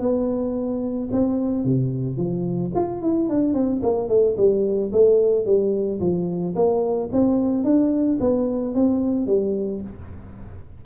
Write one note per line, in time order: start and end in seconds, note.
0.00 1.09 B3
1.12 1.65 C4
1.65 2.17 C3
2.17 2.72 F3
2.75 3.02 F4
3.02 3.29 E4
3.29 3.54 D4
3.54 3.82 C4
3.83 4.09 A#3
4.09 4.36 A3
4.37 4.92 G3
4.92 5.45 A3
5.45 6.00 G3
6.00 6.55 F3
6.56 7.10 A#3
7.12 7.64 C4
7.64 8.19 D4
8.20 8.75 B3
8.75 9.27 C4
9.27 9.82 G3